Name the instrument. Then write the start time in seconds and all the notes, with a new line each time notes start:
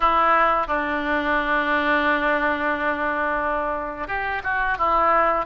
oboe
0.00 E4
0.67 D4
4.07 G4
4.43 F#4
4.78 E4